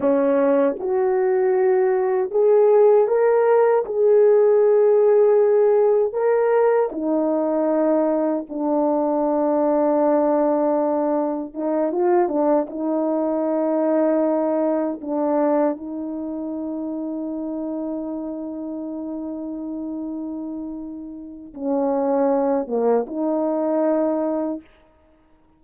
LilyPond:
\new Staff \with { instrumentName = "horn" } { \time 4/4 \tempo 4 = 78 cis'4 fis'2 gis'4 | ais'4 gis'2. | ais'4 dis'2 d'4~ | d'2. dis'8 f'8 |
d'8 dis'2. d'8~ | d'8 dis'2.~ dis'8~ | dis'1 | cis'4. ais8 dis'2 | }